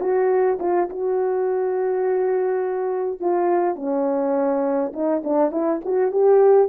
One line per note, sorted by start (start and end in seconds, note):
0.00 0.58 F#4
0.60 0.89 F4
0.89 3.20 F#4
3.20 3.76 F4
3.76 4.92 C#4
4.93 5.22 D#4
5.24 5.51 D4
5.51 5.80 E4
5.85 6.12 F#4
6.12 6.68 G4